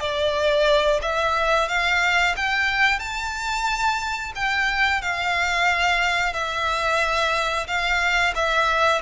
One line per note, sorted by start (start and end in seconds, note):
0.00 1.00 D5
1.02 1.68 E5
1.68 2.35 F5
2.36 2.99 G5
2.99 4.32 A5
4.35 5.02 G5
5.02 6.33 F5
6.33 7.67 E5
7.67 8.34 F5
8.35 9.02 E5